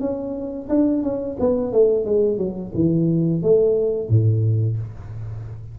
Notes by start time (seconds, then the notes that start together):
0.00 C#4
0.69 D4
1.03 C#4
1.40 B3
1.73 A3
2.05 G#3
2.38 F#3
2.75 E3
3.42 A3
4.09 A2